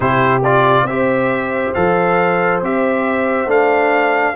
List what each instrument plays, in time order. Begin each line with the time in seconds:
0.00 tuba C3, trombone E4, horn G4, trumpet C5
0.43 trombone F4, trumpet D5
0.82 tuba C4, trombone G4, horn C5, trumpet E5
1.74 tuba F3, trombone A4, trumpet F5
2.61 tuba C4, trombone G4, trumpet E5
3.46 tuba A3, trombone D4, trumpet F5